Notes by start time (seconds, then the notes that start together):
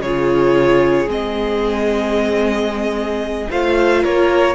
0.00 C#3 F4 G#4 C#5
1.07 G#3 C4 D#5
3.51 A3 F4 C5 F5
4.04 A#3 A#4 C#5